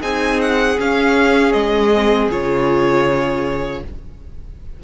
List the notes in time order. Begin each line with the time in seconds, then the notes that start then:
0.00 C4 D#4 G#4 G#5
0.41 F#5
0.79 C#4 F5
1.52 G#3 D#5
1.94 C4
2.31 C#3 F4 C#5